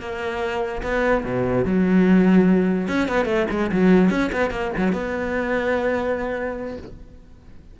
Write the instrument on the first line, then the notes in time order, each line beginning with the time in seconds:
cello
0.00 A#3
0.83 B3
1.24 B2
1.65 F#3
2.88 C#4
3.08 B3
3.26 A3
3.51 G#3
3.72 F#3
4.10 C#4
4.32 B3
4.51 A#3
4.77 F#3
4.93 B3